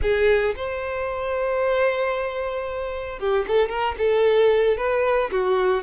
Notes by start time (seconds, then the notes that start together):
0.01 G#4
0.56 C5
3.19 G4
3.47 A4
3.68 A#4
3.98 A4
4.77 B4
5.31 F#4